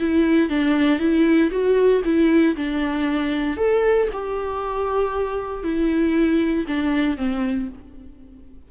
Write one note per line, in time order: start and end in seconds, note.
0.00 0.49 E4
0.49 1.00 D4
1.00 1.51 E4
1.51 2.02 F#4
2.05 2.56 E4
2.56 3.57 D4
3.57 4.08 A4
4.13 5.63 G4
5.63 6.66 E4
6.68 7.17 D4
7.17 7.68 C4